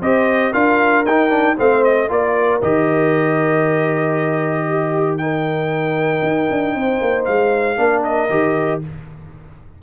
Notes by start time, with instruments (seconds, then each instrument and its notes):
0.00 tuba C4, trombone G4, horn C5, trumpet D#5
0.52 tuba D4, trombone F4, horn A#4, trumpet F5
1.05 tuba D#4, trombone D#4, trumpet G5
1.29 trombone D4
1.56 tuba A3, trombone C4, horn C5, trumpet F5
1.84 trumpet D#5
2.08 tuba A#3, trombone F4, horn A#4, trumpet D5
2.61 tuba D#3, trombone G4, trumpet D#5
4.68 horn G4
5.17 trombone D#4, horn A#4, trumpet G5
6.22 tuba D#4
6.50 tuba D4
6.74 tuba C4, horn C5
7.00 tuba A#3
7.25 tuba G#3, trumpet F5
7.77 tuba A#3, trombone D4, horn A#4
8.03 trumpet D#5
8.29 tuba D#3, trombone G4